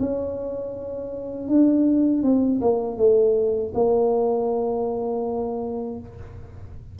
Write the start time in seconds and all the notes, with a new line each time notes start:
0.00 C#4
1.48 D4
2.23 C4
2.61 A#3
2.97 A3
3.75 A#3